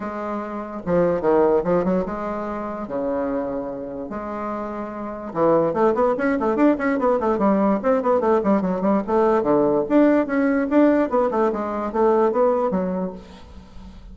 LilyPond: \new Staff \with { instrumentName = "bassoon" } { \time 4/4 \tempo 4 = 146 gis2 f4 dis4 | f8 fis8 gis2 cis4~ | cis2 gis2~ | gis4 e4 a8 b8 cis'8 a8 |
d'8 cis'8 b8 a8 g4 c'8 b8 | a8 g8 fis8 g8 a4 d4 | d'4 cis'4 d'4 b8 a8 | gis4 a4 b4 fis4 | }